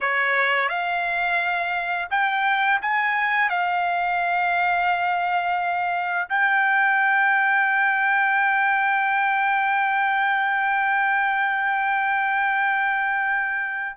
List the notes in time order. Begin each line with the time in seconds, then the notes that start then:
0.00 C#5
0.68 F5
2.10 G5
2.81 G#5
3.49 F5
6.29 G5